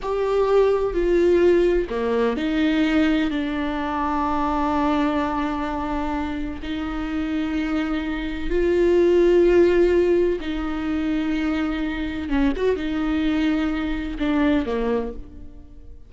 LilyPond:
\new Staff \with { instrumentName = "viola" } { \time 4/4 \tempo 4 = 127 g'2 f'2 | ais4 dis'2 d'4~ | d'1~ | d'2 dis'2~ |
dis'2 f'2~ | f'2 dis'2~ | dis'2 cis'8 fis'8 dis'4~ | dis'2 d'4 ais4 | }